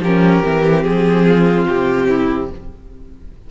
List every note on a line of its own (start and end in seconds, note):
0.00 0.41 F3
0.00 0.44 C#4
0.00 1.26 G4
0.00 0.84 A#4
0.44 0.85 E3
0.44 2.50 C4
0.84 1.67 F3
0.84 1.66 G#4
1.26 2.08 F4
1.69 2.51 C3
1.69 2.51 G4
2.09 2.50 E4